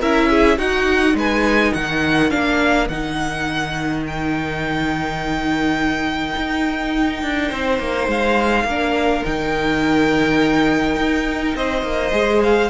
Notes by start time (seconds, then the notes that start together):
0.00 C#4 E4 A#4 E5
0.30 G#4
0.58 D#4 F#4 F#5
1.14 G#3 B4 G#5
1.73 D#3 A#4 F#5
2.30 A#3 D4 F5
2.88 D#3 D#4 F#5
4.07 G5
6.36 D#4
7.23 D4
7.49 C4 C5
7.79 A#3
8.08 G#3 F5
8.64 A#3 D4 A#4
9.25 D#3 D#4 G5
10.96 D#4
11.55 C4 C5 D#5
11.83 A#3
12.12 G#3 G#4
12.44 F5